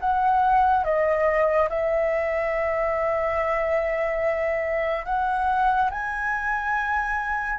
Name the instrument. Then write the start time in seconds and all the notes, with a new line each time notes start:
flute
0.00 F#5
0.84 D#5
1.69 E5
5.06 F#5
5.91 G#5